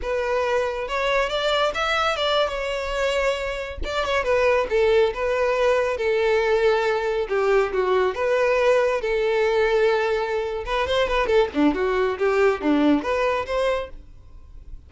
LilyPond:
\new Staff \with { instrumentName = "violin" } { \time 4/4 \tempo 4 = 138 b'2 cis''4 d''4 | e''4 d''8. cis''2~ cis''16~ | cis''8. d''8 cis''8 b'4 a'4 b'16~ | b'4.~ b'16 a'2~ a'16~ |
a'8. g'4 fis'4 b'4~ b'16~ | b'8. a'2.~ a'16~ | a'8 b'8 c''8 b'8 a'8 d'8 fis'4 | g'4 d'4 b'4 c''4 | }